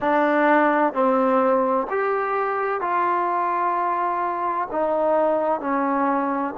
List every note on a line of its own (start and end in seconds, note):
0.00 0.93 D4
0.93 1.87 C4
1.90 2.80 G4
2.80 4.68 F4
4.71 5.60 D#4
5.60 6.54 C#4